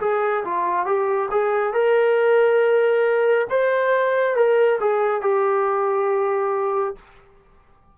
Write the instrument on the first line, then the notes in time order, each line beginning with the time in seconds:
trombone
0.00 G#4
0.44 F4
0.85 G4
1.30 G#4
1.73 A#4
3.50 C5
4.35 A#4
4.80 G#4
5.21 G4